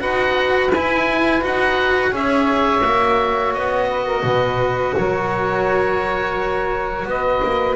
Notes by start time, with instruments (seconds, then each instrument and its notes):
0.00 double bass D#4, cello F#4, saxophone B4, oboe F#5
0.71 double bass E4, cello E4, oboe G#5
1.42 double bass D#4, cello F#4, oboe F#5
2.11 double bass C#4, cello G#4, saxophone C#5, oboe E5
2.84 double bass A#3, cello F#4
3.54 double bass B3, oboe D#5
3.89 saxophone B4
4.05 saxophone A#4
4.24 double bass B2, saxophone B4
4.97 double bass F#3, saxophone A#4, oboe C#5
7.06 double bass B3, saxophone B4, oboe D#5
7.44 double bass A#3